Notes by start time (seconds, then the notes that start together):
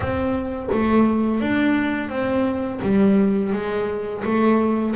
0.00 C4
0.72 A3
1.40 D4
2.09 C4
2.82 G3
3.52 G#3
4.24 A3